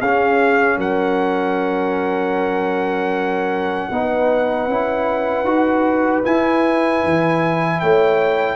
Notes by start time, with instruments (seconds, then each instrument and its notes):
0.00 tuba C#4, trombone C#4, horn G#4, trumpet F5
0.77 tuba F#3, horn A#4, trumpet F#5
3.91 tuba B3, trombone D#4, horn B4
4.68 tuba C#4, trombone E4
5.44 tuba D#4, trombone F#4
6.24 trombone E4, tuba E4, trumpet G#5
7.04 tuba E3
7.80 tuba A3, horn C#5, trumpet G5